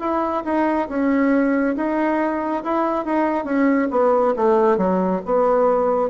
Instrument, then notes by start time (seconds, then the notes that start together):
bassoon
0.00 E4
0.45 D#4
0.89 C#4
1.76 D#4
2.64 E4
3.05 D#4
3.45 C#4
3.91 B3
4.36 A3
4.77 F#3
5.26 B3